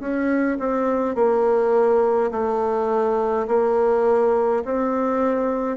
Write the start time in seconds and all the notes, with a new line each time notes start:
0.00 C#4
0.59 C4
1.15 A#3
2.32 A3
3.48 A#3
4.65 C4